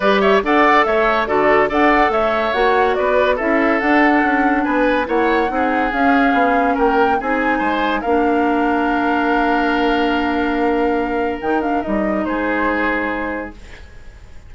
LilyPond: <<
  \new Staff \with { instrumentName = "flute" } { \time 4/4 \tempo 4 = 142 d''8 e''8 fis''4 e''4 d''4 | fis''4 e''4 fis''4 d''4 | e''4 fis''2 gis''4 | fis''2 f''2 |
g''4 gis''2 f''4~ | f''1~ | f''2. g''8 f''8 | dis''4 c''2. | }
  \new Staff \with { instrumentName = "oboe" } { \time 4/4 b'8 cis''8 d''4 cis''4 a'4 | d''4 cis''2 b'4 | a'2. b'4 | cis''4 gis'2. |
ais'4 gis'4 c''4 ais'4~ | ais'1~ | ais'1~ | ais'4 gis'2. | }
  \new Staff \with { instrumentName = "clarinet" } { \time 4/4 g'4 a'2 fis'4 | a'2 fis'2 | e'4 d'2. | e'4 dis'4 cis'2~ |
cis'4 dis'2 d'4~ | d'1~ | d'2. dis'8 d'8 | dis'1 | }
  \new Staff \with { instrumentName = "bassoon" } { \time 4/4 g4 d'4 a4 d4 | d'4 a4 ais4 b4 | cis'4 d'4 cis'4 b4 | ais4 c'4 cis'4 b4 |
ais4 c'4 gis4 ais4~ | ais1~ | ais2. dis4 | g4 gis2. | }
>>